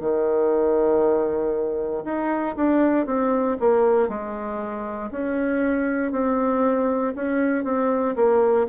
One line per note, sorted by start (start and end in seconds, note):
0.00 2.03 D#3
2.04 2.55 D#4
2.56 3.06 D4
3.06 3.56 C4
3.59 4.08 A#3
4.08 5.10 G#3
5.11 6.12 C#4
6.12 7.13 C4
7.15 7.64 C#4
7.64 8.14 C4
8.15 8.66 A#3